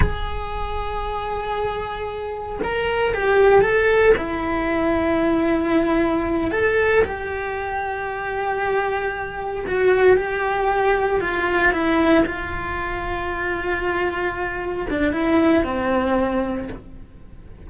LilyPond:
\new Staff \with { instrumentName = "cello" } { \time 4/4 \tempo 4 = 115 gis'1~ | gis'4 ais'4 g'4 a'4 | e'1~ | e'8 a'4 g'2~ g'8~ |
g'2~ g'8 fis'4 g'8~ | g'4. f'4 e'4 f'8~ | f'1~ | f'8 d'8 e'4 c'2 | }